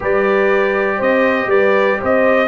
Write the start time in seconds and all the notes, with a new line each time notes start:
0.00 G3 G4 B4 D5
0.97 C4 C5 D#5
1.46 G3 B4 D5
2.00 C4 C5 D#5